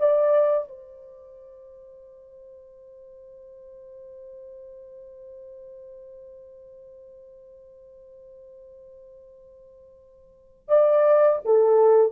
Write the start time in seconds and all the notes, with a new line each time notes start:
0.00 D5
0.69 C5
10.69 D5
11.45 A4